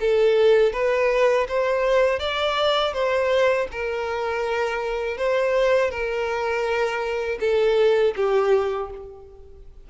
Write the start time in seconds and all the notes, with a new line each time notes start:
0.00 A4
0.73 B4
1.48 C5
2.19 D5
2.93 C5
3.71 A#4
5.17 C5
5.90 A#4
7.40 A4
8.16 G4